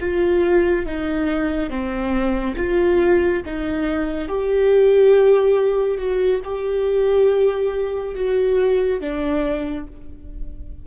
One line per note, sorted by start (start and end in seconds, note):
0.00 0.86 F4
0.86 1.69 D#4
1.69 2.55 C4
2.57 3.42 F4
3.46 4.28 D#4
4.28 5.98 G4
5.98 6.41 F#4
6.44 8.15 G4
8.15 9.00 F#4
9.00 9.86 D4